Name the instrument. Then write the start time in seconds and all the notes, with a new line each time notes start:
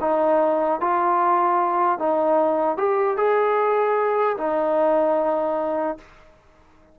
trombone
0.00 D#4
0.80 F4
1.99 D#4
2.77 G4
3.16 G#4
4.37 D#4